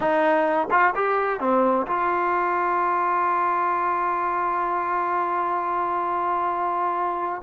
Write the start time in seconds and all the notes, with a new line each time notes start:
0.00 D#4
0.70 F4
0.95 G4
1.40 C4
1.86 F4